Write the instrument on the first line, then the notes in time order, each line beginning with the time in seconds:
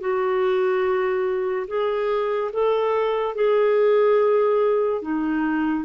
clarinet
0.00 F#4
1.68 G#4
2.53 A4
3.35 G#4
5.02 D#4